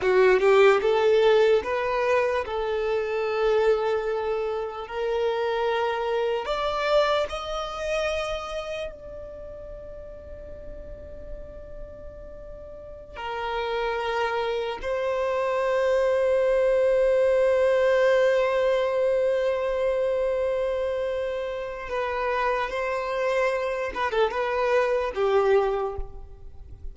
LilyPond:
\new Staff \with { instrumentName = "violin" } { \time 4/4 \tempo 4 = 74 fis'8 g'8 a'4 b'4 a'4~ | a'2 ais'2 | d''4 dis''2 d''4~ | d''1~ |
d''16 ais'2 c''4.~ c''16~ | c''1~ | c''2. b'4 | c''4. b'16 a'16 b'4 g'4 | }